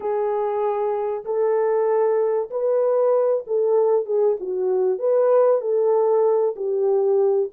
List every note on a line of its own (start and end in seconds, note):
0.00 1.24 G#4
1.24 2.49 A4
2.50 3.44 B4
3.47 4.05 A4
4.05 4.37 G#4
4.39 4.99 F#4
4.99 5.61 B4
5.61 6.55 A4
6.56 7.49 G4